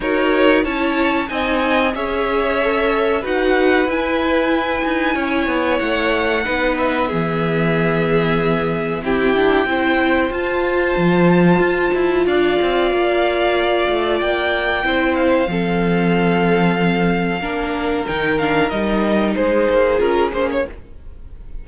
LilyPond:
<<
  \new Staff \with { instrumentName = "violin" } { \time 4/4 \tempo 4 = 93 cis''4 a''4 gis''4 e''4~ | e''4 fis''4 gis''2~ | gis''4 fis''4. e''4.~ | e''2 g''2 |
a''2. f''4~ | f''2 g''4. f''8~ | f''1 | g''8 f''8 dis''4 c''4 ais'8 c''16 cis''16 | }
  \new Staff \with { instrumentName = "violin" } { \time 4/4 ais'4 cis''4 dis''4 cis''4~ | cis''4 b'2. | cis''2 b'4 gis'4~ | gis'2 g'4 c''4~ |
c''2. d''4~ | d''2. c''4 | a'2. ais'4~ | ais'2 gis'2 | }
  \new Staff \with { instrumentName = "viola" } { \time 4/4 fis'4 e'4 dis'4 gis'4 | a'4 fis'4 e'2~ | e'2 dis'4 b4~ | b2 c'8 d'8 e'4 |
f'1~ | f'2. e'4 | c'2. d'4 | dis'8 d'8 dis'2 f'8 cis'8 | }
  \new Staff \with { instrumentName = "cello" } { \time 4/4 dis'4 cis'4 c'4 cis'4~ | cis'4 dis'4 e'4. dis'8 | cis'8 b8 a4 b4 e4~ | e2 e'4 c'4 |
f'4 f4 f'8 e'8 d'8 c'8 | ais4. a8 ais4 c'4 | f2. ais4 | dis4 g4 gis8 ais8 cis'8 ais8 | }
>>